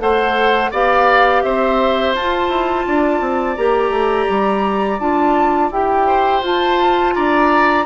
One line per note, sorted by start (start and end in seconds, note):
0.00 0.71 A3
0.00 0.71 A4
0.00 0.71 C5
0.00 0.72 F#5
0.71 1.44 B3
0.71 2.16 G4
0.71 1.43 D5
0.71 1.43 F5
1.43 2.16 C4
1.43 2.87 C5
1.43 2.14 E5
2.16 2.49 F4
2.16 3.57 F4
2.16 3.56 A5
2.49 2.85 E4
2.87 3.21 D4
2.87 6.07 D5
3.21 3.57 C4
3.56 3.90 A#3
3.56 5.00 G4
3.56 4.99 A#5
3.90 4.26 A3
4.30 5.00 G3
5.00 5.71 D4
5.00 5.72 F4
5.00 5.71 A5
5.71 6.43 E4
5.71 6.43 G4
5.71 6.44 G5
6.07 7.15 C5
6.43 7.14 F4
6.43 7.86 F4
6.43 7.15 A5
7.15 7.86 D4
7.15 7.86 D5
7.15 7.86 A#5